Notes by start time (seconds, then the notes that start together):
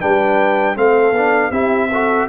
0.00 G3 D4 B4 G5
0.75 A3 C4 A4 F5
1.12 B3 D4
1.51 C4 E4 G4 E5
1.91 F#4 A4